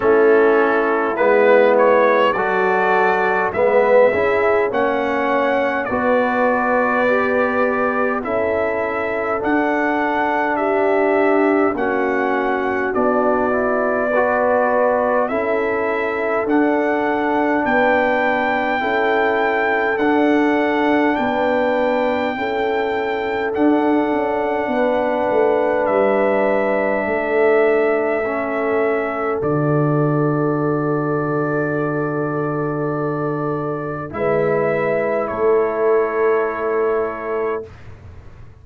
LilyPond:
<<
  \new Staff \with { instrumentName = "trumpet" } { \time 4/4 \tempo 4 = 51 a'4 b'8 cis''8 d''4 e''4 | fis''4 d''2 e''4 | fis''4 e''4 fis''4 d''4~ | d''4 e''4 fis''4 g''4~ |
g''4 fis''4 g''2 | fis''2 e''2~ | e''4 d''2.~ | d''4 e''4 cis''2 | }
  \new Staff \with { instrumentName = "horn" } { \time 4/4 e'2 a'4 b'8 gis'8 | cis''4 b'2 a'4~ | a'4 g'4 fis'2 | b'4 a'2 b'4 |
a'2 b'4 a'4~ | a'4 b'2 a'4~ | a'1~ | a'4 b'4 a'2 | }
  \new Staff \with { instrumentName = "trombone" } { \time 4/4 cis'4 b4 fis'4 b8 e'8 | cis'4 fis'4 g'4 e'4 | d'2 cis'4 d'8 e'8 | fis'4 e'4 d'2 |
e'4 d'2 e'4 | d'1 | cis'4 fis'2.~ | fis'4 e'2. | }
  \new Staff \with { instrumentName = "tuba" } { \time 4/4 a4 gis4 fis4 gis8 cis'8 | ais4 b2 cis'4 | d'2 ais4 b4~ | b4 cis'4 d'4 b4 |
cis'4 d'4 b4 cis'4 | d'8 cis'8 b8 a8 g4 a4~ | a4 d2.~ | d4 gis4 a2 | }
>>